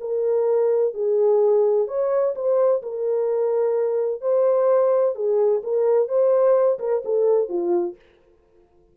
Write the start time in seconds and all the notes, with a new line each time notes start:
0.00 A#4
0.94 G#4
1.87 C#5
2.35 C5
2.82 A#4
4.21 C5
5.15 G#4
5.63 A#4
6.08 C5
6.79 A#4
7.05 A4
7.49 F4